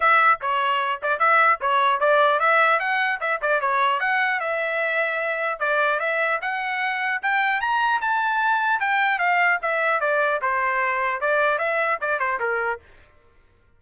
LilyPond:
\new Staff \with { instrumentName = "trumpet" } { \time 4/4 \tempo 4 = 150 e''4 cis''4. d''8 e''4 | cis''4 d''4 e''4 fis''4 | e''8 d''8 cis''4 fis''4 e''4~ | e''2 d''4 e''4 |
fis''2 g''4 ais''4 | a''2 g''4 f''4 | e''4 d''4 c''2 | d''4 e''4 d''8 c''8 ais'4 | }